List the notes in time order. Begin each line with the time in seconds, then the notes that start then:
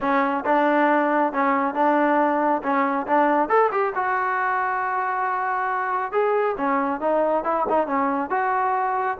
0.00 C#4
0.45 D4
1.32 C#4
1.74 D4
2.62 C#4
3.06 D4
3.48 A4
3.71 G4
3.95 F#4
6.12 G#4
6.57 C#4
7.00 D#4
7.44 E4
7.69 D#4
7.87 C#4
8.30 F#4